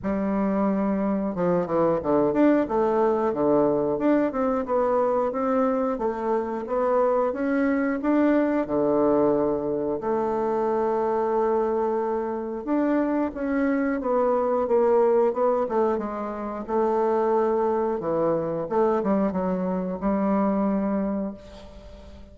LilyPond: \new Staff \with { instrumentName = "bassoon" } { \time 4/4 \tempo 4 = 90 g2 f8 e8 d8 d'8 | a4 d4 d'8 c'8 b4 | c'4 a4 b4 cis'4 | d'4 d2 a4~ |
a2. d'4 | cis'4 b4 ais4 b8 a8 | gis4 a2 e4 | a8 g8 fis4 g2 | }